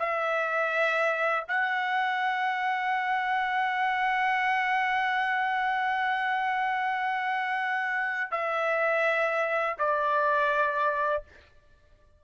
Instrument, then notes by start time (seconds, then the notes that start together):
trumpet
0.00 E5
1.49 F#5
8.32 E5
9.79 D5